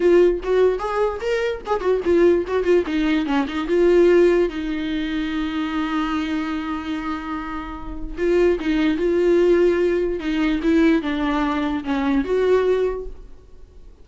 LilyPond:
\new Staff \with { instrumentName = "viola" } { \time 4/4 \tempo 4 = 147 f'4 fis'4 gis'4 ais'4 | gis'8 fis'8 f'4 fis'8 f'8 dis'4 | cis'8 dis'8 f'2 dis'4~ | dis'1~ |
dis'1 | f'4 dis'4 f'2~ | f'4 dis'4 e'4 d'4~ | d'4 cis'4 fis'2 | }